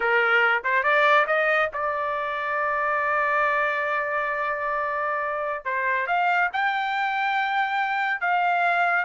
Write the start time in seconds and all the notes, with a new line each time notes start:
0.00 A#4
0.63 C5
0.83 D5
1.27 D#5
1.73 D5
5.65 C5
6.07 F5
6.52 G5
8.21 F5